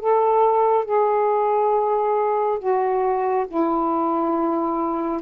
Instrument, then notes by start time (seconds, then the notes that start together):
saxophone
0.00 A4
0.85 G#4
2.59 F#4
3.48 E4